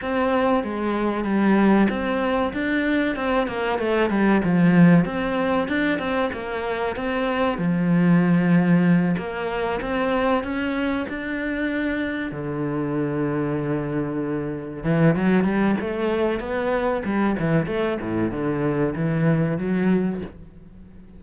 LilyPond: \new Staff \with { instrumentName = "cello" } { \time 4/4 \tempo 4 = 95 c'4 gis4 g4 c'4 | d'4 c'8 ais8 a8 g8 f4 | c'4 d'8 c'8 ais4 c'4 | f2~ f8 ais4 c'8~ |
c'8 cis'4 d'2 d8~ | d2.~ d8 e8 | fis8 g8 a4 b4 g8 e8 | a8 a,8 d4 e4 fis4 | }